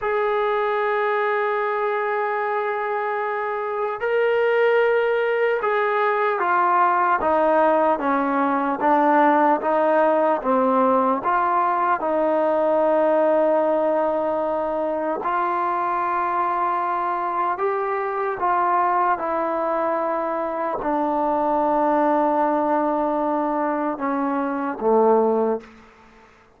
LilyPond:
\new Staff \with { instrumentName = "trombone" } { \time 4/4 \tempo 4 = 75 gis'1~ | gis'4 ais'2 gis'4 | f'4 dis'4 cis'4 d'4 | dis'4 c'4 f'4 dis'4~ |
dis'2. f'4~ | f'2 g'4 f'4 | e'2 d'2~ | d'2 cis'4 a4 | }